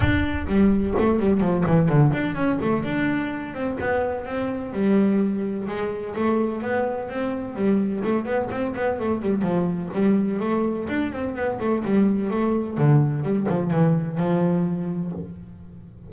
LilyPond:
\new Staff \with { instrumentName = "double bass" } { \time 4/4 \tempo 4 = 127 d'4 g4 a8 g8 f8 e8 | d8 d'8 cis'8 a8 d'4. c'8 | b4 c'4 g2 | gis4 a4 b4 c'4 |
g4 a8 b8 c'8 b8 a8 g8 | f4 g4 a4 d'8 c'8 | b8 a8 g4 a4 d4 | g8 f8 e4 f2 | }